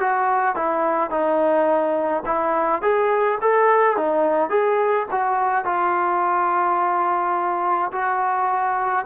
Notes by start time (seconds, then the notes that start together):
0.00 F#4
0.56 E4
1.11 D#4
2.26 E4
2.82 G#4
3.41 A4
3.97 D#4
4.50 G#4
5.11 F#4
5.65 F4
7.92 F#4